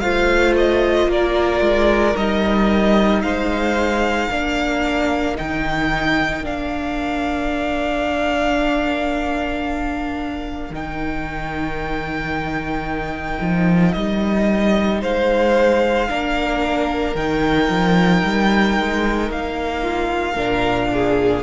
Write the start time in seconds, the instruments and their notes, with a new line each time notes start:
0.00 cello A3, viola F4, violin C5 F5
0.58 violin D#5
1.07 cello A#3, violin A#4 D5
1.61 cello G#3
2.16 cello G3, viola D#4, violin D#5
3.22 cello G#3, violin C5 F5
4.28 cello A#3, viola D4, violin A#4
5.36 cello D#3, viola D#4, violin G5
6.43 cello A#3, viola D4, violin F5
10.71 cello D#3, viola D#4, violin G5
13.42 cello F3
13.93 cello G3, violin D#5
15.02 cello G#3, violin C5 F5
16.08 cello A#3, viola D4, violin A#4
17.15 cello D#3, viola D#4, violin G5
17.69 cello F3
18.24 cello G3
18.78 cello G#3
19.31 cello A#3, violin F5
19.82 violin F4
20.33 cello A#2, viola D4, violin A#4
20.93 violin G#4